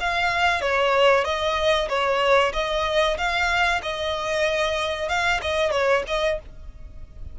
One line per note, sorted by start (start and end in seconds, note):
0.00 0.61 F5
0.61 1.24 C#5
1.24 1.88 D#5
1.89 2.52 C#5
2.53 3.17 D#5
3.17 3.81 F5
3.82 5.09 D#5
5.09 5.41 F5
5.41 5.71 D#5
5.71 6.03 C#5
6.07 6.39 D#5